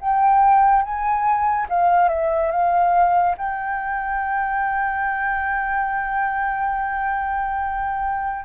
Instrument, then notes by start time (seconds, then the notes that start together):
flute
0.00 G5
0.82 G#5
1.69 F5
2.09 E5
2.51 F5
3.37 G5